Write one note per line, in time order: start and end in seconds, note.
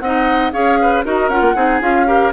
0.00 0.52 C4
0.00 0.53 D#4
0.00 0.53 D#5
0.00 0.51 F#5
0.53 1.04 C#4
0.53 1.04 G#4
0.53 0.79 C#5
0.53 1.04 F5
0.82 1.05 B4
1.05 1.29 D#4
1.05 1.31 F#4
1.05 1.56 A#4
1.05 1.30 D#5
1.29 1.42 C#4
1.29 1.56 F4
1.29 1.81 F#5
1.42 1.55 A#3
1.56 1.81 C4
1.56 1.82 D#4
1.56 2.07 G#4
1.81 2.32 C#4
1.81 2.07 F4
1.81 2.33 F5
2.07 2.32 G4
2.07 2.33 A#4